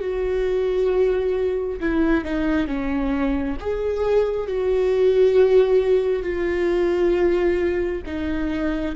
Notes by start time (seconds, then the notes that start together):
0.00 F#4
1.80 E4
2.24 D#4
2.67 C#4
3.60 G#4
4.47 F#4
6.22 F4
8.06 D#4